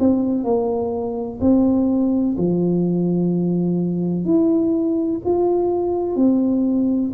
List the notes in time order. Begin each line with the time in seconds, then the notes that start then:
0.00 C4
0.44 A#3
1.41 C4
2.38 F3
4.25 E4
5.25 F4
6.16 C4